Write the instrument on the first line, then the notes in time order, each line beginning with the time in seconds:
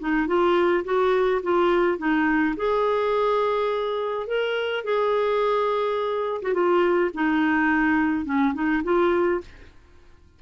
clarinet
0.00 D#4
0.27 F4
0.85 F#4
1.43 F4
1.98 D#4
2.57 G#4
4.27 A#4
4.84 G#4
6.42 F#4
6.54 F4
7.14 D#4
8.25 C#4
8.55 D#4
8.84 F4